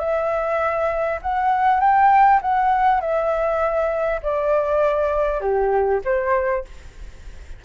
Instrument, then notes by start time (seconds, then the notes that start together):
flute
0.00 E5
1.22 F#5
1.81 G5
2.42 F#5
3.01 E5
4.23 D5
5.41 G4
6.05 C5